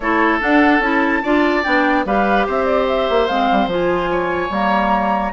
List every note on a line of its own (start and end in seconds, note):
0.00 0.41 A3
0.00 0.40 E4
0.00 1.22 A4
0.00 0.39 C#5
0.40 0.81 D4
0.40 0.79 D4
0.40 0.81 F#5
0.79 1.20 C#4
0.79 1.23 E4
0.79 1.63 A5
1.22 1.65 D4
1.22 1.64 F4
1.22 2.05 D5
1.63 2.05 B3
1.63 2.05 D4
1.63 2.04 G5
2.05 2.46 G3
2.05 3.29 G4
2.05 2.46 B4
2.05 2.47 F5
2.46 3.09 C4
2.46 4.10 C5
2.46 2.65 E5
2.65 2.85 D5
2.88 3.27 E5
3.09 3.29 A#3
3.27 3.49 G#3
3.27 3.70 C4
3.27 3.68 F5
3.51 3.66 G3
3.66 4.48 F3
3.66 4.50 F4
3.72 4.53 G#5
4.11 5.33 C#5
4.50 5.32 G3
4.50 5.32 A#3
4.50 5.33 A#5